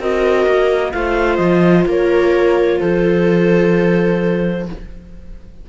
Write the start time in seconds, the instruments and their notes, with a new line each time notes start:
0.00 cello C4, viola F#4 A#4, clarinet D#5
0.47 cello A#3
0.92 cello A3, viola F4 C5, clarinet F5
1.37 cello F3, clarinet D#5
1.86 cello A#3, viola A#4, clarinet C#5
2.80 cello F3, viola A4, clarinet C5